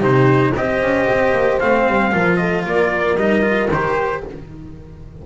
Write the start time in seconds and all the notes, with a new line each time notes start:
0.00 C3 D#4 G4 C5
0.56 C4 G4 C5 D#5
0.82 C#4
1.11 C4
1.32 A#3
1.60 A3 C4 F5
1.87 G3
2.11 F3 F4 A#4
2.37 A4 D#5
2.65 A#3 A#4 D5
3.16 G3 D#4 D#5
3.42 F4
3.71 D#3 G4 C5